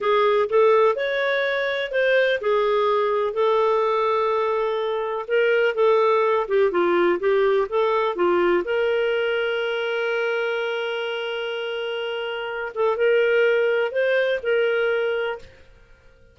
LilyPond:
\new Staff \with { instrumentName = "clarinet" } { \time 4/4 \tempo 4 = 125 gis'4 a'4 cis''2 | c''4 gis'2 a'4~ | a'2. ais'4 | a'4. g'8 f'4 g'4 |
a'4 f'4 ais'2~ | ais'1~ | ais'2~ ais'8 a'8 ais'4~ | ais'4 c''4 ais'2 | }